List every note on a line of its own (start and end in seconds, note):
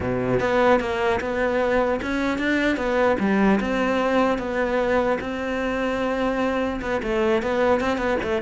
0.00 0.39 B2
0.39 0.79 B3
0.80 1.20 A#3
1.20 2.00 B3
2.02 2.38 C#4
2.38 2.77 D4
2.77 3.17 B3
3.19 3.59 G3
3.60 4.38 C4
4.38 5.18 B3
5.20 6.80 C4
6.81 7.01 B3
7.02 7.42 A3
7.42 7.80 B3
7.80 7.97 C4
7.97 8.17 B3
8.23 8.41 A3